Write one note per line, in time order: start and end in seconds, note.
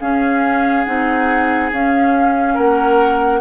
0.00 0.86 C#4
0.00 2.54 G#4
0.00 0.84 F5
0.84 1.72 C4
0.84 1.72 D#4
0.84 1.69 F#5
1.72 2.57 C#4
1.72 3.40 C#4
1.72 2.57 F5
2.54 3.40 A#3
2.54 3.39 A#4
2.54 3.40 F#5